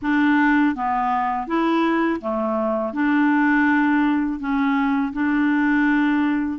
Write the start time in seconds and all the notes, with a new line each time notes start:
0.02 D4
0.75 B3
1.47 E4
2.21 A3
2.93 D4
4.39 C#4
5.12 D4